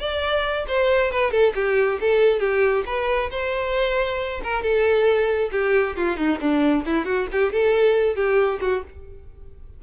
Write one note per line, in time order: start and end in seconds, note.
0.00 0.66 D5
0.68 1.11 C5
1.11 1.32 B4
1.32 1.54 A4
1.55 2.00 G4
2.01 2.40 A4
2.40 2.84 G4
2.86 3.30 B4
3.31 4.42 C5
4.44 4.63 A#4
4.63 5.51 A4
5.52 5.96 G4
5.97 6.17 F4
6.17 6.39 D#4
6.41 6.85 D4
6.86 7.06 E4
7.06 7.28 F#4
7.33 7.53 G4
7.53 8.16 A4
8.16 8.60 G4
8.61 8.83 F#4